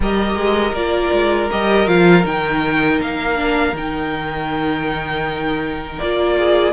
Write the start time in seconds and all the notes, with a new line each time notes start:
0.00 G3 G4 A#4 D#5
0.34 G#3
0.72 A#3 F4 D5
1.12 G#3
1.50 G3 G4 D#5
1.86 F3 F4 F5
2.23 D#3 D#4 G5
3.00 A#3 F5
3.35 D4
3.72 D#3 D#4 G5
5.99 A#3 F4 D5
6.37 G#4